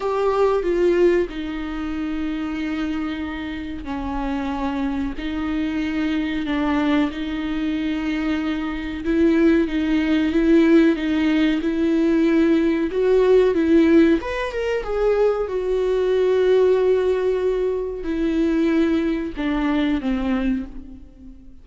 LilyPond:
\new Staff \with { instrumentName = "viola" } { \time 4/4 \tempo 4 = 93 g'4 f'4 dis'2~ | dis'2 cis'2 | dis'2 d'4 dis'4~ | dis'2 e'4 dis'4 |
e'4 dis'4 e'2 | fis'4 e'4 b'8 ais'8 gis'4 | fis'1 | e'2 d'4 c'4 | }